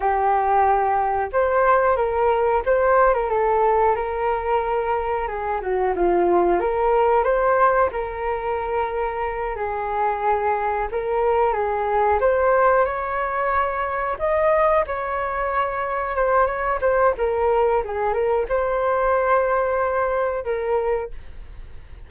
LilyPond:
\new Staff \with { instrumentName = "flute" } { \time 4/4 \tempo 4 = 91 g'2 c''4 ais'4 | c''8. ais'16 a'4 ais'2 | gis'8 fis'8 f'4 ais'4 c''4 | ais'2~ ais'8 gis'4.~ |
gis'8 ais'4 gis'4 c''4 cis''8~ | cis''4. dis''4 cis''4.~ | cis''8 c''8 cis''8 c''8 ais'4 gis'8 ais'8 | c''2. ais'4 | }